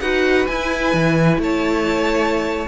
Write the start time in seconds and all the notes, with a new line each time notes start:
0.00 D#4 F#4 B4 F#5
0.47 E4 G#5
0.93 E3
1.38 A3 C#5 A5